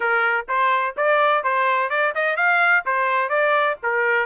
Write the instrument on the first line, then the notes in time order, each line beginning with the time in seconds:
trumpet
0.00 A#4
0.48 C5
0.97 D5
1.43 C5
1.89 D5
2.14 D#5
2.36 F5
2.85 C5
3.29 D5
3.82 A#4